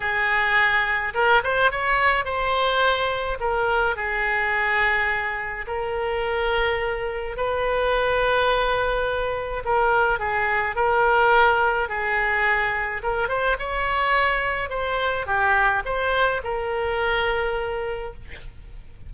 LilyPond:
\new Staff \with { instrumentName = "oboe" } { \time 4/4 \tempo 4 = 106 gis'2 ais'8 c''8 cis''4 | c''2 ais'4 gis'4~ | gis'2 ais'2~ | ais'4 b'2.~ |
b'4 ais'4 gis'4 ais'4~ | ais'4 gis'2 ais'8 c''8 | cis''2 c''4 g'4 | c''4 ais'2. | }